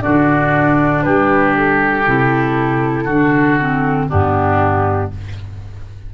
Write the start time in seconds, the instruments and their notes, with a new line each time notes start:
0.00 tuba D3, clarinet D4, oboe F#4, flute D5
1.03 tuba G3, oboe G4, flute B4
1.57 flute A4
2.06 tuba C3, clarinet E4
3.04 tuba D3, oboe F#4
3.11 clarinet D4
3.60 clarinet C4
4.09 tuba G2, clarinet B3, oboe D4, flute G4